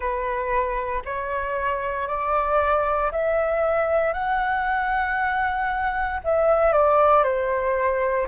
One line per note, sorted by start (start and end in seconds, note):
0.00 1.02 B4
1.05 2.07 C#5
2.07 3.11 D5
3.11 4.13 E5
4.13 6.20 F#5
6.24 6.72 E5
6.72 7.23 D5
7.23 8.27 C5